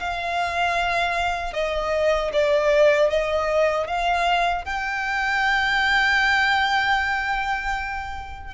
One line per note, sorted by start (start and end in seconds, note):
0.00 1.54 F5
1.54 2.32 D#5
2.33 3.11 D5
3.11 3.87 D#5
3.87 4.65 F5
4.65 8.54 G5